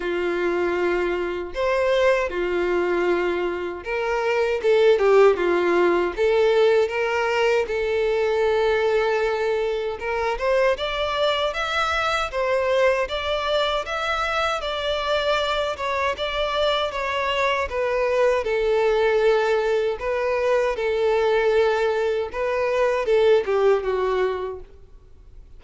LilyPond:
\new Staff \with { instrumentName = "violin" } { \time 4/4 \tempo 4 = 78 f'2 c''4 f'4~ | f'4 ais'4 a'8 g'8 f'4 | a'4 ais'4 a'2~ | a'4 ais'8 c''8 d''4 e''4 |
c''4 d''4 e''4 d''4~ | d''8 cis''8 d''4 cis''4 b'4 | a'2 b'4 a'4~ | a'4 b'4 a'8 g'8 fis'4 | }